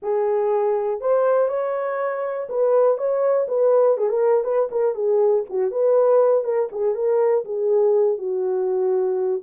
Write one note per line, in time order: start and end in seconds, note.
0.02 1.01 G#4
1.01 1.48 C5
1.48 2.47 C#5
2.49 2.97 B4
2.97 3.47 C#5
3.48 3.97 B4
3.97 4.09 G#4
4.09 4.44 A#4
4.44 4.68 B4
4.71 4.94 A#4
4.94 5.44 G#4
5.49 5.71 F#4
5.71 6.44 B4
6.44 6.69 A#4
6.71 6.94 G#4
6.94 7.44 A#4
7.44 8.18 G#4
8.18 9.42 F#4